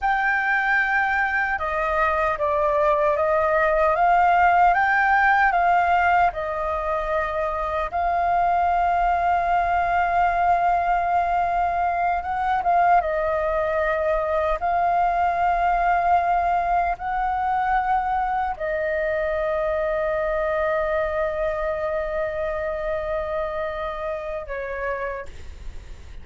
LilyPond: \new Staff \with { instrumentName = "flute" } { \time 4/4 \tempo 4 = 76 g''2 dis''4 d''4 | dis''4 f''4 g''4 f''4 | dis''2 f''2~ | f''2.~ f''8 fis''8 |
f''8 dis''2 f''4.~ | f''4. fis''2 dis''8~ | dis''1~ | dis''2. cis''4 | }